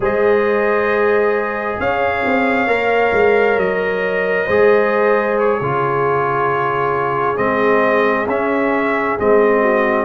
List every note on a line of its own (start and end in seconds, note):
0.00 1.77 G#3
0.00 2.68 G#4
0.00 1.79 C5
0.00 1.80 D#5
1.79 2.24 C#4
1.79 4.45 C#5
1.79 3.58 F5
2.25 2.66 C4
2.66 3.11 A#3
2.66 4.47 A#4
3.12 3.57 G#3
3.57 4.46 F#3
3.57 5.37 D#5
4.45 5.60 G#3
4.45 5.61 G#4
4.45 5.57 C5
5.38 7.37 C#5
5.59 7.37 C#3
5.59 7.36 F4
5.59 9.62 G#4
7.36 8.26 G#3
7.36 8.26 C4
7.36 8.26 D#5
8.26 9.16 C#4
8.26 9.19 C#4
8.26 9.18 E5
9.19 10.04 G#3
9.19 10.04 C4
9.19 10.04 D#5
9.62 10.04 F#4